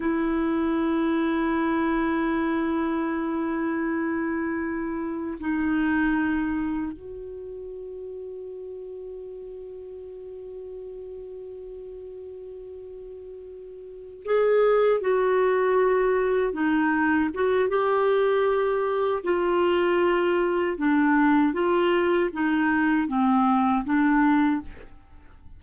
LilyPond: \new Staff \with { instrumentName = "clarinet" } { \time 4/4 \tempo 4 = 78 e'1~ | e'2. dis'4~ | dis'4 fis'2.~ | fis'1~ |
fis'2~ fis'8 gis'4 fis'8~ | fis'4. dis'4 fis'8 g'4~ | g'4 f'2 d'4 | f'4 dis'4 c'4 d'4 | }